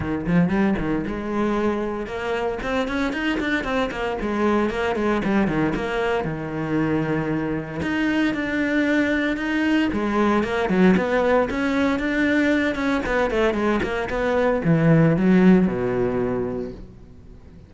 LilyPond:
\new Staff \with { instrumentName = "cello" } { \time 4/4 \tempo 4 = 115 dis8 f8 g8 dis8 gis2 | ais4 c'8 cis'8 dis'8 d'8 c'8 ais8 | gis4 ais8 gis8 g8 dis8 ais4 | dis2. dis'4 |
d'2 dis'4 gis4 | ais8 fis8 b4 cis'4 d'4~ | d'8 cis'8 b8 a8 gis8 ais8 b4 | e4 fis4 b,2 | }